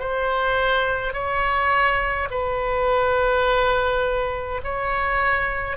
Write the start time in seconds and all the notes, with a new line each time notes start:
0.00 C5
1.13 C#5
2.31 B4
4.64 C#5